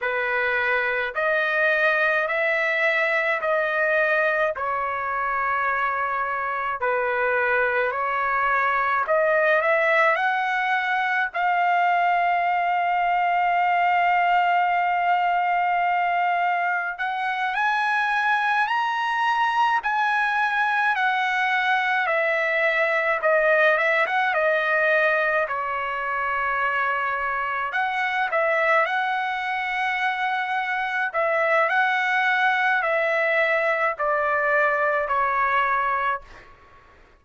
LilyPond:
\new Staff \with { instrumentName = "trumpet" } { \time 4/4 \tempo 4 = 53 b'4 dis''4 e''4 dis''4 | cis''2 b'4 cis''4 | dis''8 e''8 fis''4 f''2~ | f''2. fis''8 gis''8~ |
gis''8 ais''4 gis''4 fis''4 e''8~ | e''8 dis''8 e''16 fis''16 dis''4 cis''4.~ | cis''8 fis''8 e''8 fis''2 e''8 | fis''4 e''4 d''4 cis''4 | }